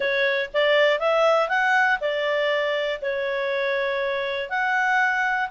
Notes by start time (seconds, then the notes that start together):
0.00 C#5
0.53 D5
0.99 E5
1.48 F#5
2.00 D5
3.01 C#5
4.49 F#5